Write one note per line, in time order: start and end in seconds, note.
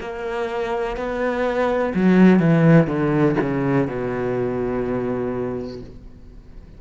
0.00 0.96 A#3
0.96 1.93 B3
1.94 2.39 F#3
2.39 2.86 E3
2.86 3.35 D3
3.41 3.87 C#3
3.87 5.80 B2